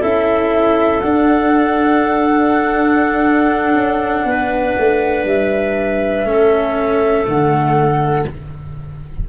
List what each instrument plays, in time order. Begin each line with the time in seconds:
0.00 tuba C#4, cello E4, clarinet A4, flute E5
1.01 cello D4, tuba D4, flute F#5
3.74 tuba C#4
4.25 tuba B3, clarinet B4
4.78 tuba A3
5.25 tuba G3, flute E5
6.25 tuba A3, cello C#4, clarinet A4
7.25 tuba D3, cello A3, flute F#5